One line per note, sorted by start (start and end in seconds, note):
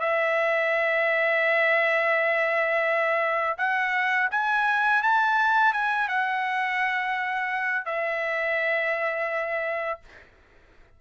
0.00 3.57 E5
3.58 4.30 F#5
4.31 5.03 G#5
5.03 5.73 A5
5.73 6.08 G#5
6.08 7.86 F#5
7.86 10.00 E5